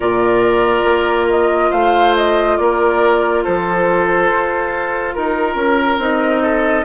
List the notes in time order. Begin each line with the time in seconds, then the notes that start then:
0.00 A#2 F4 A#4 D5
0.84 A#3
1.29 D#5
1.70 A3 C5 F5
2.16 D#5
2.57 A#3 A#4 D5
3.43 F3 A4 C5
4.30 F4
5.13 D#4 A#4
5.55 C#4
5.97 C4 D#4 D#5
6.41 A4